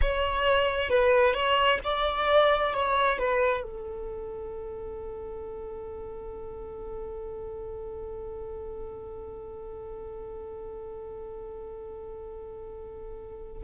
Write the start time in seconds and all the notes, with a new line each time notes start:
0.01 C#5
0.89 B4
1.33 C#5
1.84 D5
2.73 C#5
3.18 B4
3.62 A4